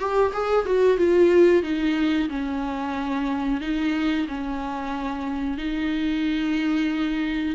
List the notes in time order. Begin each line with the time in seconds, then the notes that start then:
0.00 G4
0.34 G#4
0.66 F#4
0.98 F4
1.63 D#4
2.30 C#4
3.61 D#4
4.29 C#4
5.58 D#4